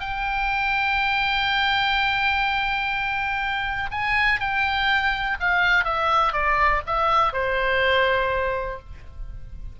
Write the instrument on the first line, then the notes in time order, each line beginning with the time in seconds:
oboe
0.00 G5
3.91 G#5
4.40 G5
5.40 F5
5.84 E5
6.33 D5
6.86 E5
7.33 C5